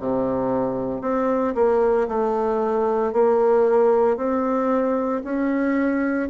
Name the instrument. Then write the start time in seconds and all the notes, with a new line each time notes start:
bassoon
0.00 C3
1.01 C4
1.55 A#3
2.08 A3
3.13 A#3
4.17 C4
5.24 C#4